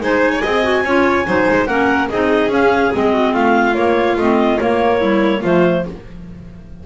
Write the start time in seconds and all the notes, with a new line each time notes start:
0.00 G#3 D#4 C5 G#5
0.31 C#5
0.41 C4 G#4 D#5
0.63 F#4
0.83 C#4 F4 C#5
1.26 F#3 D#4 C5
1.49 G#3
1.66 A#3 C#4 A#4 F#5
2.09 C4 D#4 G#4 D#5
2.49 C#4 F5
2.92 G#3 C4 D#5
3.13 F#4
3.33 A3 F4 F5
3.74 A#3 C#5
4.16 A3 C4 D#5
4.59 A#3 C#5
4.99 G3 E4
5.41 F3 A3 F4 C5